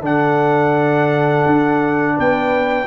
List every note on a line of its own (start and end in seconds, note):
0.00 1.43 D3
0.00 2.86 D4
0.00 2.14 A4
0.00 2.19 F#5
1.46 2.17 D4
2.16 2.86 B3
2.16 2.86 B4
2.16 2.86 G5